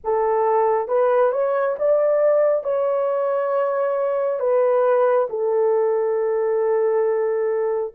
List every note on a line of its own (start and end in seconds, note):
0.04 0.88 A4
0.88 1.32 B4
1.32 1.76 C#5
1.78 2.63 D5
2.63 4.39 C#5
4.39 5.27 B4
5.29 7.94 A4